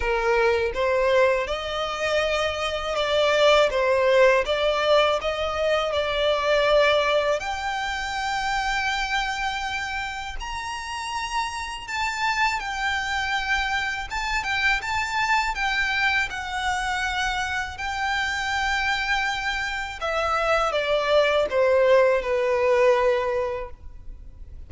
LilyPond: \new Staff \with { instrumentName = "violin" } { \time 4/4 \tempo 4 = 81 ais'4 c''4 dis''2 | d''4 c''4 d''4 dis''4 | d''2 g''2~ | g''2 ais''2 |
a''4 g''2 a''8 g''8 | a''4 g''4 fis''2 | g''2. e''4 | d''4 c''4 b'2 | }